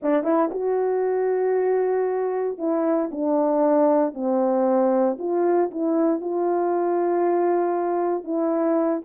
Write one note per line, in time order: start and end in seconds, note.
0.02 0.23 D4
0.23 0.49 E4
0.51 2.57 F#4
2.58 3.09 E4
3.11 4.14 D4
4.14 5.17 C4
5.18 5.70 F4
5.70 6.20 E4
6.20 8.24 F4
8.24 9.01 E4